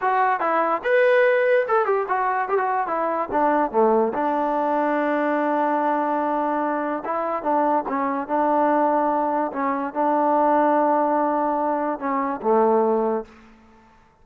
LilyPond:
\new Staff \with { instrumentName = "trombone" } { \time 4/4 \tempo 4 = 145 fis'4 e'4 b'2 | a'8 g'8 fis'4 g'16 fis'8. e'4 | d'4 a4 d'2~ | d'1~ |
d'4 e'4 d'4 cis'4 | d'2. cis'4 | d'1~ | d'4 cis'4 a2 | }